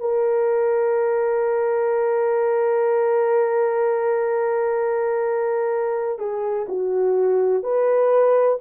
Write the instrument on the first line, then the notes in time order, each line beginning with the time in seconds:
horn
0.00 A#4
6.19 G#4
6.68 F#4
7.63 B4